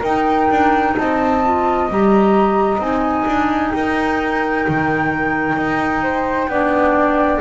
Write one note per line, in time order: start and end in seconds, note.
0.00 0.49 D#4
0.00 1.43 D#4
0.00 0.92 A#4
0.00 0.96 G5
0.50 0.96 D4
0.97 1.89 C4
0.97 3.74 D#5
0.97 1.89 A5
1.44 1.90 F4
1.89 2.79 G3
1.89 2.80 G4
1.89 2.83 A#5
2.79 3.25 C4
2.79 6.49 D#4
2.79 3.72 G#5
3.26 3.72 D4
3.72 4.66 D#4
3.72 6.03 A#4
3.72 7.41 G5
4.68 5.56 D#3
5.56 6.48 D#4
6.03 6.49 C5
6.48 7.40 B3
6.48 7.41 D4
6.48 7.41 D5